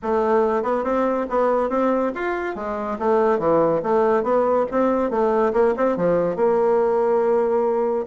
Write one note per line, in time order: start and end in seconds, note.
0.02 0.62 A3
0.62 0.84 B3
0.84 1.26 C4
1.29 1.69 B3
1.69 2.12 C4
2.14 2.55 F4
2.55 2.97 G#3
2.98 3.38 A3
3.38 3.81 E3
3.82 4.23 A3
4.23 4.65 B3
4.71 5.10 C4
5.10 5.52 A3
5.53 5.74 A#3
5.76 5.96 C4
5.96 6.36 F3
6.36 8.06 A#3